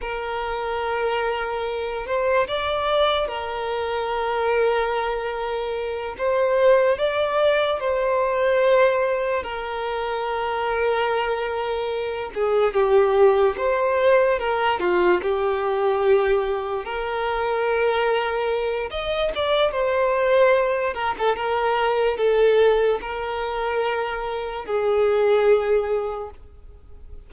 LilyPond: \new Staff \with { instrumentName = "violin" } { \time 4/4 \tempo 4 = 73 ais'2~ ais'8 c''8 d''4 | ais'2.~ ais'8 c''8~ | c''8 d''4 c''2 ais'8~ | ais'2. gis'8 g'8~ |
g'8 c''4 ais'8 f'8 g'4.~ | g'8 ais'2~ ais'8 dis''8 d''8 | c''4. ais'16 a'16 ais'4 a'4 | ais'2 gis'2 | }